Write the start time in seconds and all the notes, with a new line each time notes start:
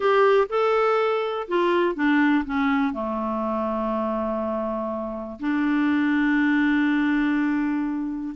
0.00 G4
0.49 A4
1.48 F4
1.95 D4
2.45 C#4
2.93 A3
5.39 D4